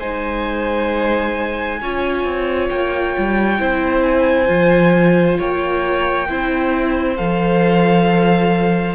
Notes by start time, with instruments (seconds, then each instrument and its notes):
0.00 cello G#3, viola D#4, violin C5 G#5
1.81 cello C#4, viola F4, violin C#5
2.25 cello C4
2.70 cello A#3, violin G5
3.19 cello G3
3.59 cello C4, viola E4, violin C5
4.03 violin G#5
4.48 cello F3, viola F4
5.39 cello A#3, violin C#5 G5
6.29 cello C4, viola E4, violin C5
7.17 cello F3, viola A4, violin F5